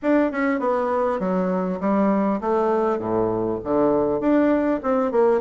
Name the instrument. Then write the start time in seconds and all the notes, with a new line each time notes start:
bassoon
0.02 D4
0.31 C#4
0.59 B3
1.19 F#3
1.80 G3
2.41 A3
2.98 A2
3.64 D3
4.20 D4
4.82 C4
5.11 A#3